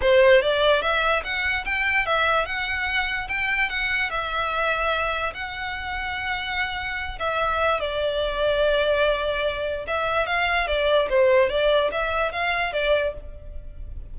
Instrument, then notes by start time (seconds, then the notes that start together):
violin
0.01 C5
0.41 D5
0.81 E5
1.23 F#5
1.65 G5
2.05 E5
2.45 F#5
3.28 G5
3.69 F#5
4.09 E5
5.33 F#5
7.19 E5
7.80 D5
9.87 E5
10.26 F5
10.67 D5
11.09 C5
11.49 D5
11.91 E5
12.32 F5
12.72 D5